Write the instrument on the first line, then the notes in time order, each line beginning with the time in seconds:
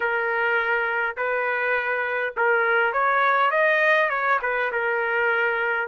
trumpet
0.00 A#4
1.16 B4
2.37 A#4
2.93 C#5
3.50 D#5
4.09 C#5
4.42 B4
4.72 A#4